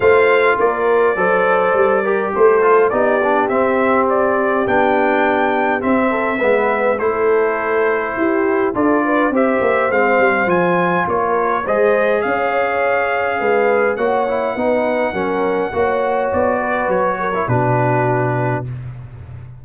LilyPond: <<
  \new Staff \with { instrumentName = "trumpet" } { \time 4/4 \tempo 4 = 103 f''4 d''2. | c''4 d''4 e''4 d''4 | g''2 e''2 | c''2. d''4 |
e''4 f''4 gis''4 cis''4 | dis''4 f''2. | fis''1 | d''4 cis''4 b'2 | }
  \new Staff \with { instrumentName = "horn" } { \time 4/4 c''4 ais'4 c''4. ais'8 | a'4 g'2.~ | g'2~ g'8 a'8 b'4 | a'2 g'4 a'8 b'8 |
c''2. ais'4 | c''4 cis''2 b'4 | cis''4 b'4 ais'4 cis''4~ | cis''8 b'4 ais'8 fis'2 | }
  \new Staff \with { instrumentName = "trombone" } { \time 4/4 f'2 a'4. g'8~ | g'8 f'8 dis'8 d'8 c'2 | d'2 c'4 b4 | e'2. f'4 |
g'4 c'4 f'2 | gis'1 | fis'8 e'8 dis'4 cis'4 fis'4~ | fis'4.~ fis'16 e'16 d'2 | }
  \new Staff \with { instrumentName = "tuba" } { \time 4/4 a4 ais4 fis4 g4 | a4 b4 c'2 | b2 c'4 gis4 | a2 e'4 d'4 |
c'8 ais8 gis8 g8 f4 ais4 | gis4 cis'2 gis4 | ais4 b4 fis4 ais4 | b4 fis4 b,2 | }
>>